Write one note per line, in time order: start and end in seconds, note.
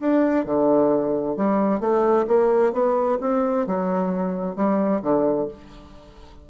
0.00 0.46 D4
0.46 1.37 D3
1.37 1.80 G3
1.80 2.26 A3
2.27 2.73 A#3
2.73 3.18 B3
3.21 3.67 C4
3.67 4.56 F#3
4.56 5.02 G3
5.02 5.48 D3